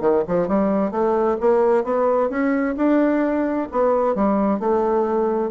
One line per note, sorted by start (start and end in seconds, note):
0.00 0.23 D#3
0.27 0.48 F3
0.48 0.91 G3
0.91 1.37 A3
1.40 1.84 A#3
1.84 2.29 B3
2.29 2.75 C#4
2.76 3.68 D4
3.71 4.15 B3
4.15 4.59 G3
4.59 5.51 A3